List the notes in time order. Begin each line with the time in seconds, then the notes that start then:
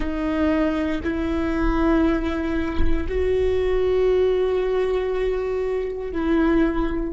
0.00 D#4
1.04 E4
3.08 F#4
6.11 E4